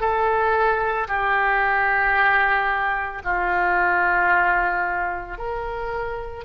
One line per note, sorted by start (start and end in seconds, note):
0.00 1.07 A4
1.08 3.22 G4
3.24 5.38 F4
5.38 6.44 A#4